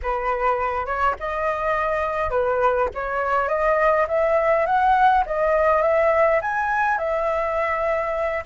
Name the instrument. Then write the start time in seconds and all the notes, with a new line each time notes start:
flute
0.02 B4
0.86 C#5
1.19 D#5
2.30 B4
2.94 C#5
3.48 D#5
4.08 E5
4.65 F#5
5.26 D#5
5.81 E5
6.41 G#5
6.98 E5